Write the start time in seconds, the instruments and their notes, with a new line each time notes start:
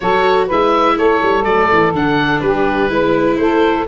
0.00 tuba F#3, viola F#4, saxophone A4, oboe C#5
0.46 tuba G#3, viola E4, saxophone B4, oboe E5
0.97 tuba A3, saxophone A4, oboe C#5
1.22 tuba G3
1.42 tuba F#3, viola A3, oboe D5
1.72 tuba E3
1.92 tuba D3, viola D4, oboe F#5
2.40 tuba G3, saxophone G4, oboe B4
2.89 tuba G#3, viola E4, saxophone B4
3.36 tuba A3, saxophone A4, oboe C5